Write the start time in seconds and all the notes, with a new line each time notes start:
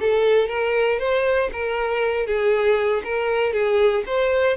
0.00 A4
0.48 A#4
0.99 C5
1.52 A#4
2.26 G#4
3.04 A#4
3.53 G#4
4.06 C5